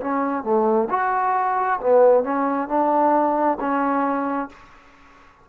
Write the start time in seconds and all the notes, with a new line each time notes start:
0.00 C#4
0.44 A3
0.90 F#4
1.80 B3
2.23 C#4
2.68 D4
3.59 C#4